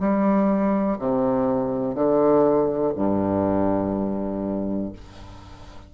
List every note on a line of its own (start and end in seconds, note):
0.00 0.98 G3
0.99 1.95 C3
1.95 2.93 D3
2.96 4.93 G2